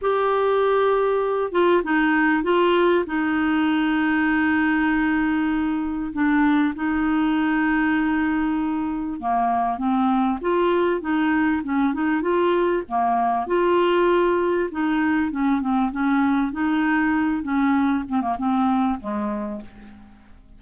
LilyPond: \new Staff \with { instrumentName = "clarinet" } { \time 4/4 \tempo 4 = 98 g'2~ g'8 f'8 dis'4 | f'4 dis'2.~ | dis'2 d'4 dis'4~ | dis'2. ais4 |
c'4 f'4 dis'4 cis'8 dis'8 | f'4 ais4 f'2 | dis'4 cis'8 c'8 cis'4 dis'4~ | dis'8 cis'4 c'16 ais16 c'4 gis4 | }